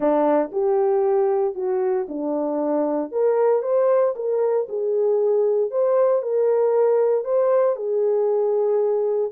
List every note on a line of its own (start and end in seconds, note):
0.00 0.51 D4
0.51 1.54 G4
1.54 2.06 F#4
2.08 3.11 D4
3.11 3.62 A#4
3.62 4.14 C5
4.15 4.67 A#4
4.68 5.70 G#4
5.70 6.22 C5
6.22 7.24 A#4
7.24 7.76 C5
7.76 9.31 G#4